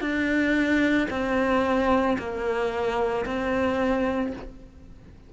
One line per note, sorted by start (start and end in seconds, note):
0.00 1.07 D4
1.10 2.17 C4
2.18 3.25 A#3
3.25 4.32 C4